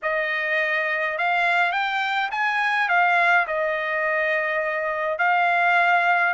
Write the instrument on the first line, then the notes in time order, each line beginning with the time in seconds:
trumpet
0.02 D#5
1.17 F5
1.72 G5
2.31 G#5
2.88 F5
3.47 D#5
5.18 F5